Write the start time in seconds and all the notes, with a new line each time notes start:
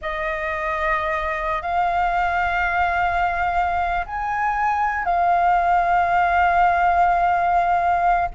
0.01 D#5
1.62 F5
4.05 G#5
5.04 F5